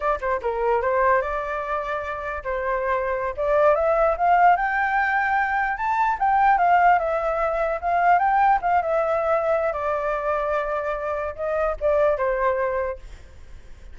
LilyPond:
\new Staff \with { instrumentName = "flute" } { \time 4/4 \tempo 4 = 148 d''8 c''8 ais'4 c''4 d''4~ | d''2 c''2~ | c''16 d''4 e''4 f''4 g''8.~ | g''2~ g''16 a''4 g''8.~ |
g''16 f''4 e''2 f''8.~ | f''16 g''4 f''8 e''2~ e''16 | d''1 | dis''4 d''4 c''2 | }